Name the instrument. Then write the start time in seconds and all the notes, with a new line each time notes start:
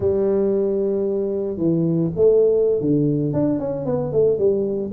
tuba
0.00 G3
1.57 E3
2.15 A3
2.80 D3
3.33 D4
3.59 C#4
3.85 B3
4.12 A3
4.38 G3